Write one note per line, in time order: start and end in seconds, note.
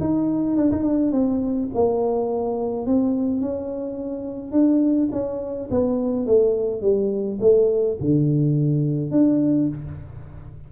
0.00 0.56 D#4
0.56 0.71 D4
0.71 0.83 D#4
0.83 1.11 D4
1.12 1.69 C4
1.74 2.86 A#3
2.86 3.41 C4
3.41 4.52 C#4
4.52 5.09 D4
5.12 5.69 C#4
5.70 6.26 B3
6.26 6.81 A3
6.81 7.38 G3
7.40 7.97 A3
8.00 9.11 D3
9.11 9.68 D4